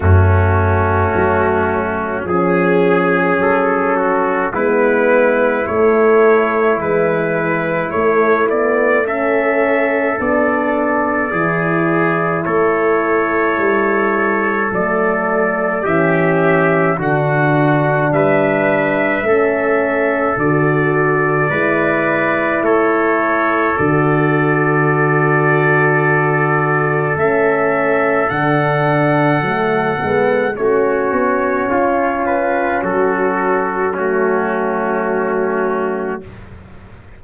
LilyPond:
<<
  \new Staff \with { instrumentName = "trumpet" } { \time 4/4 \tempo 4 = 53 fis'2 gis'4 a'4 | b'4 cis''4 b'4 cis''8 d''8 | e''4 d''2 cis''4~ | cis''4 d''4 e''4 fis''4 |
e''2 d''2 | cis''4 d''2. | e''4 fis''2 cis''4~ | cis''8 b'8 a'4 fis'2 | }
  \new Staff \with { instrumentName = "trumpet" } { \time 4/4 cis'2 gis'4. fis'8 | e'1 | a'2 gis'4 a'4~ | a'2 g'4 fis'4 |
b'4 a'2 b'4 | a'1~ | a'2. fis'4 | f'4 fis'4 cis'2 | }
  \new Staff \with { instrumentName = "horn" } { \time 4/4 a2 cis'2 | b4 a4 e4 a8 b8 | cis'4 d'4 e'2~ | e'4 a4 cis'4 d'4~ |
d'4 cis'4 fis'4 e'4~ | e'4 fis'2. | cis'4 d'4 a8 b8 cis'4~ | cis'2 a2 | }
  \new Staff \with { instrumentName = "tuba" } { \time 4/4 fis,4 fis4 f4 fis4 | gis4 a4 gis4 a4~ | a4 b4 e4 a4 | g4 fis4 e4 d4 |
g4 a4 d4 gis4 | a4 d2. | a4 d4 fis8 gis8 a8 b8 | cis'4 fis2. | }
>>